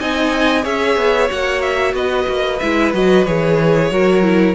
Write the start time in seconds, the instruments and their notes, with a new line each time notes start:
0.00 cello C4, viola D#4, violin D#5 G#5
0.63 cello C#4, viola G#4, violin C#5 E5
0.97 cello B3
1.29 cello A#3, viola F#4, violin F#5
1.62 violin E5
1.94 cello B3, violin B4 D#5
2.28 cello A#3
2.60 cello G#3, viola E4, violin E5
2.94 cello F#3, viola F#4, violin D#5
3.26 cello E3, viola G#4, violin C#5
3.91 cello F#3, viola F#4, violin A#4
4.23 viola E4